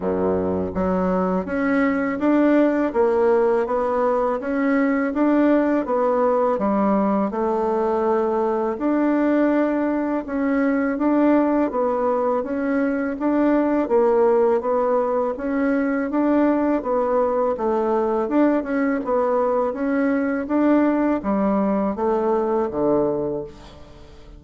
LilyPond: \new Staff \with { instrumentName = "bassoon" } { \time 4/4 \tempo 4 = 82 fis,4 fis4 cis'4 d'4 | ais4 b4 cis'4 d'4 | b4 g4 a2 | d'2 cis'4 d'4 |
b4 cis'4 d'4 ais4 | b4 cis'4 d'4 b4 | a4 d'8 cis'8 b4 cis'4 | d'4 g4 a4 d4 | }